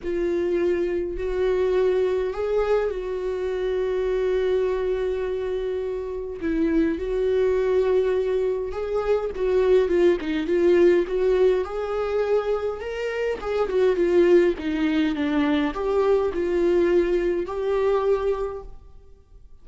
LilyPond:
\new Staff \with { instrumentName = "viola" } { \time 4/4 \tempo 4 = 103 f'2 fis'2 | gis'4 fis'2.~ | fis'2. e'4 | fis'2. gis'4 |
fis'4 f'8 dis'8 f'4 fis'4 | gis'2 ais'4 gis'8 fis'8 | f'4 dis'4 d'4 g'4 | f'2 g'2 | }